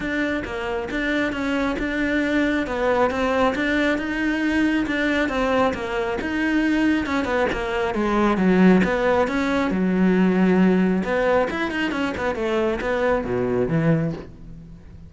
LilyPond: \new Staff \with { instrumentName = "cello" } { \time 4/4 \tempo 4 = 136 d'4 ais4 d'4 cis'4 | d'2 b4 c'4 | d'4 dis'2 d'4 | c'4 ais4 dis'2 |
cis'8 b8 ais4 gis4 fis4 | b4 cis'4 fis2~ | fis4 b4 e'8 dis'8 cis'8 b8 | a4 b4 b,4 e4 | }